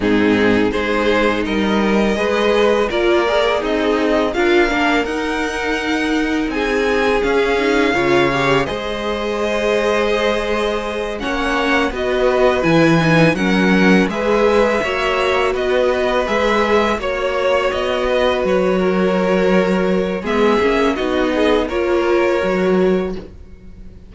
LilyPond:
<<
  \new Staff \with { instrumentName = "violin" } { \time 4/4 \tempo 4 = 83 gis'4 c''4 dis''2 | d''4 dis''4 f''4 fis''4~ | fis''4 gis''4 f''2 | dis''2.~ dis''8 fis''8~ |
fis''8 dis''4 gis''4 fis''4 e''8~ | e''4. dis''4 e''4 cis''8~ | cis''8 dis''4 cis''2~ cis''8 | e''4 dis''4 cis''2 | }
  \new Staff \with { instrumentName = "violin" } { \time 4/4 dis'4 gis'4 ais'4 b'4 | ais'4 dis'4 ais'2~ | ais'4 gis'2 cis''4 | c''2.~ c''8 cis''8~ |
cis''8 b'2 ais'4 b'8~ | b'8 cis''4 b'2 cis''8~ | cis''4 b'4 ais'2 | gis'4 fis'8 gis'8 ais'2 | }
  \new Staff \with { instrumentName = "viola" } { \time 4/4 c'4 dis'2 gis'4 | f'8 gis'4. f'8 d'8 dis'4~ | dis'2 cis'8 dis'8 f'8 g'8 | gis'2.~ gis'8 cis'8~ |
cis'8 fis'4 e'8 dis'8 cis'4 gis'8~ | gis'8 fis'2 gis'4 fis'8~ | fis'1 | b8 cis'8 dis'4 f'4 fis'4 | }
  \new Staff \with { instrumentName = "cello" } { \time 4/4 gis,4 gis4 g4 gis4 | ais4 c'4 d'8 ais8 dis'4~ | dis'4 c'4 cis'4 cis4 | gis2.~ gis8 ais8~ |
ais8 b4 e4 fis4 gis8~ | gis8 ais4 b4 gis4 ais8~ | ais8 b4 fis2~ fis8 | gis8 ais8 b4 ais4 fis4 | }
>>